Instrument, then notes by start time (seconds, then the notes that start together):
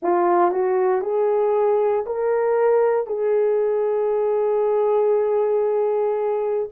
horn
0.02 F4
0.51 F#4
1.01 G#4
2.05 A#4
3.07 G#4